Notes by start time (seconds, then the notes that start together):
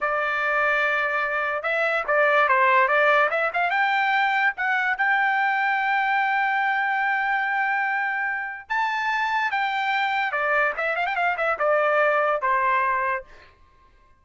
0.00 D5
1.62 E5
2.07 D5
2.48 C5
2.87 D5
3.30 E5
3.53 F5
3.70 G5
4.56 F#5
4.97 G5
8.69 A5
9.51 G5
10.31 D5
10.77 E5
10.96 F5
11.06 G5
11.15 F5
11.37 E5
11.58 D5
12.41 C5